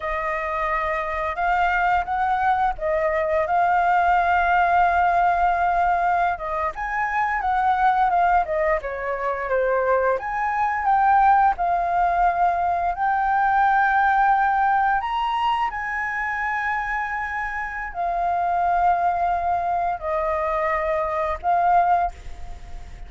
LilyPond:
\new Staff \with { instrumentName = "flute" } { \time 4/4 \tempo 4 = 87 dis''2 f''4 fis''4 | dis''4 f''2.~ | f''4~ f''16 dis''8 gis''4 fis''4 f''16~ | f''16 dis''8 cis''4 c''4 gis''4 g''16~ |
g''8. f''2 g''4~ g''16~ | g''4.~ g''16 ais''4 gis''4~ gis''16~ | gis''2 f''2~ | f''4 dis''2 f''4 | }